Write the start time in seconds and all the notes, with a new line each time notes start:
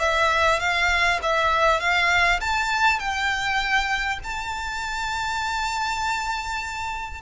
0.00 E5
0.60 F5
1.22 E5
1.80 F5
2.41 A5
2.99 G5
4.24 A5